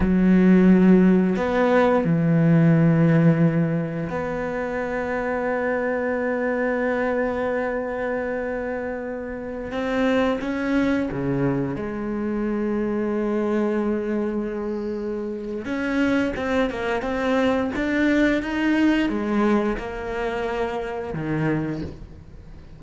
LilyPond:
\new Staff \with { instrumentName = "cello" } { \time 4/4 \tempo 4 = 88 fis2 b4 e4~ | e2 b2~ | b1~ | b2~ b16 c'4 cis'8.~ |
cis'16 cis4 gis2~ gis8.~ | gis2. cis'4 | c'8 ais8 c'4 d'4 dis'4 | gis4 ais2 dis4 | }